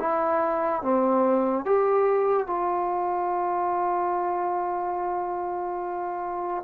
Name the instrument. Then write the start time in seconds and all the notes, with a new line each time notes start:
trombone
0.00 E4
0.82 C4
1.65 G4
2.47 F4